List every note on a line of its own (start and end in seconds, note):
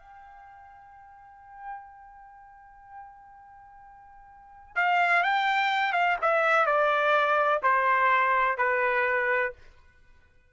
0.00 4.76 G5
4.76 5.23 F5
5.23 5.93 G5
5.93 6.17 F5
6.22 6.66 E5
6.66 7.61 D5
7.63 8.58 C5
8.58 9.53 B4